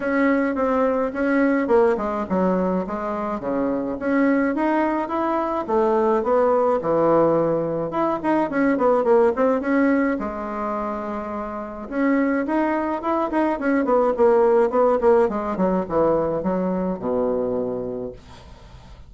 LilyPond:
\new Staff \with { instrumentName = "bassoon" } { \time 4/4 \tempo 4 = 106 cis'4 c'4 cis'4 ais8 gis8 | fis4 gis4 cis4 cis'4 | dis'4 e'4 a4 b4 | e2 e'8 dis'8 cis'8 b8 |
ais8 c'8 cis'4 gis2~ | gis4 cis'4 dis'4 e'8 dis'8 | cis'8 b8 ais4 b8 ais8 gis8 fis8 | e4 fis4 b,2 | }